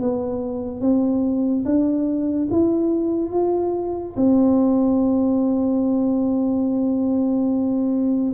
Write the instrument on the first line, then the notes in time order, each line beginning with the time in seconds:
tuba
0.00 B3
0.81 C4
1.65 D4
2.51 E4
3.32 F4
4.17 C4